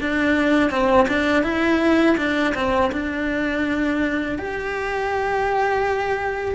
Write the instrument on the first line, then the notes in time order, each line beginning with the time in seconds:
cello
0.00 D4
0.70 C4
1.07 D4
1.43 E4
2.17 D4
2.54 C4
2.92 D4
4.38 G4